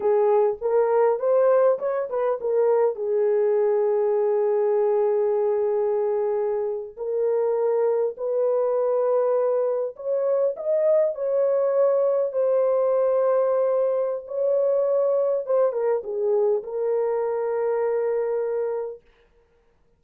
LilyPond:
\new Staff \with { instrumentName = "horn" } { \time 4/4 \tempo 4 = 101 gis'4 ais'4 c''4 cis''8 b'8 | ais'4 gis'2.~ | gis'2.~ gis'8. ais'16~ | ais'4.~ ais'16 b'2~ b'16~ |
b'8. cis''4 dis''4 cis''4~ cis''16~ | cis''8. c''2.~ c''16 | cis''2 c''8 ais'8 gis'4 | ais'1 | }